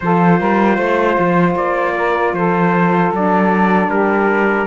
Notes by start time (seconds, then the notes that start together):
0.00 F3 F4 A4 C5
0.39 G3 A#4
0.76 A3 C5
1.19 F3
1.55 A#3 D5
1.96 A#4
2.33 F3 A4 C5
3.11 F#3 D4 D5
3.88 G3 G4 A#4